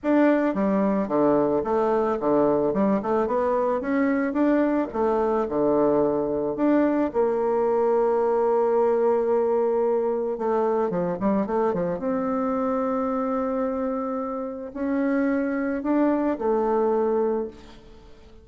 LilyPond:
\new Staff \with { instrumentName = "bassoon" } { \time 4/4 \tempo 4 = 110 d'4 g4 d4 a4 | d4 g8 a8 b4 cis'4 | d'4 a4 d2 | d'4 ais2.~ |
ais2. a4 | f8 g8 a8 f8 c'2~ | c'2. cis'4~ | cis'4 d'4 a2 | }